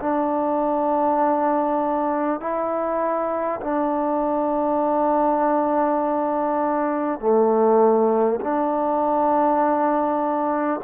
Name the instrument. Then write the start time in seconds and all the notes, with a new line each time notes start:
trombone
0.00 D4
2.40 E4
3.61 D4
7.19 A3
8.41 D4